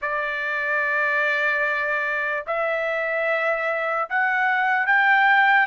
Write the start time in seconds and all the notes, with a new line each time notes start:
0.01 D5
2.47 E5
4.09 F#5
4.86 G5